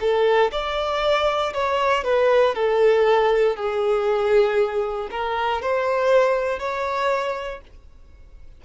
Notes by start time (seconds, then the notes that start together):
0.00 A4
0.51 D5
1.53 C#5
2.04 B4
2.54 A4
3.55 G#4
5.10 A#4
5.61 C5
6.59 C#5